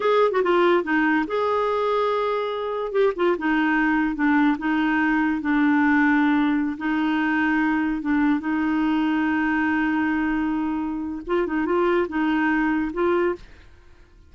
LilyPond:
\new Staff \with { instrumentName = "clarinet" } { \time 4/4 \tempo 4 = 144 gis'8. fis'16 f'4 dis'4 gis'4~ | gis'2. g'8 f'8 | dis'2 d'4 dis'4~ | dis'4 d'2.~ |
d'16 dis'2. d'8.~ | d'16 dis'2.~ dis'8.~ | dis'2. f'8 dis'8 | f'4 dis'2 f'4 | }